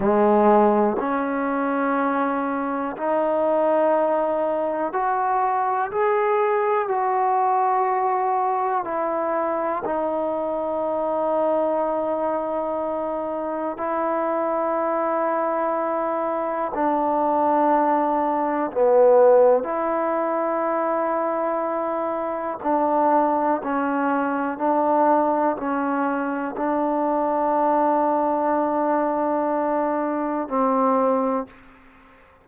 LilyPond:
\new Staff \with { instrumentName = "trombone" } { \time 4/4 \tempo 4 = 61 gis4 cis'2 dis'4~ | dis'4 fis'4 gis'4 fis'4~ | fis'4 e'4 dis'2~ | dis'2 e'2~ |
e'4 d'2 b4 | e'2. d'4 | cis'4 d'4 cis'4 d'4~ | d'2. c'4 | }